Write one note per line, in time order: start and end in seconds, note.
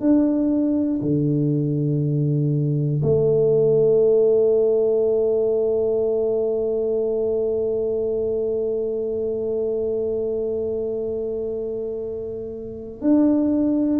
0.00 1.00 D4
1.01 3.01 D3
3.02 13.01 A3
13.01 14.00 D4